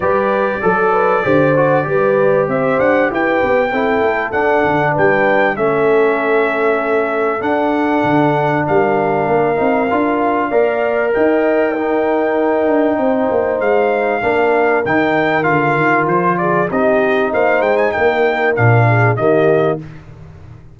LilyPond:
<<
  \new Staff \with { instrumentName = "trumpet" } { \time 4/4 \tempo 4 = 97 d''1 | e''8 fis''8 g''2 fis''4 | g''4 e''2. | fis''2 f''2~ |
f''2 g''2~ | g''2 f''2 | g''4 f''4 c''8 d''8 dis''4 | f''8 g''16 gis''16 g''4 f''4 dis''4 | }
  \new Staff \with { instrumentName = "horn" } { \time 4/4 b'4 a'8 b'8 c''4 b'4 | c''4 b'4 a'2 | b'4 a'2.~ | a'2 ais'2~ |
ais'4 d''4 dis''4 ais'4~ | ais'4 c''2 ais'4~ | ais'2~ ais'8 gis'8 g'4 | c''4 ais'4. gis'8 g'4 | }
  \new Staff \with { instrumentName = "trombone" } { \time 4/4 g'4 a'4 g'8 fis'8 g'4~ | g'2 e'4 d'4~ | d'4 cis'2. | d'2.~ d'8 dis'8 |
f'4 ais'2 dis'4~ | dis'2. d'4 | dis'4 f'2 dis'4~ | dis'2 d'4 ais4 | }
  \new Staff \with { instrumentName = "tuba" } { \time 4/4 g4 fis4 d4 g4 | c'8 d'8 e'8 b8 c'8 a8 d'8 d8 | g4 a2. | d'4 d4 g4 ais8 c'8 |
d'4 ais4 dis'2~ | dis'8 d'8 c'8 ais8 gis4 ais4 | dis4 d8 dis8 f4 c'4 | ais8 gis8 ais4 ais,4 dis4 | }
>>